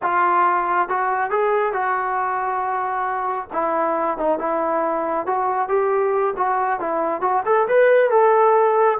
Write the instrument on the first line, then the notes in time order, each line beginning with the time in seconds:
trombone
0.02 F4
0.88 F#4
1.30 G#4
1.72 F#4
3.52 E4
4.17 D#4
4.39 E4
5.26 F#4
5.68 G4
6.36 F#4
6.79 E4
7.21 F#4
7.45 A4
7.68 B4
8.10 A4